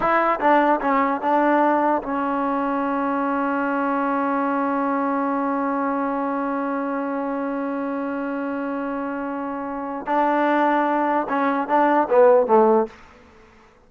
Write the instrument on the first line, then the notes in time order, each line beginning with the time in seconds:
trombone
0.00 E4
0.39 D4
0.80 C#4
1.21 D4
2.02 C#4
10.06 D4
11.29 C#4
11.68 D4
12.09 B3
12.46 A3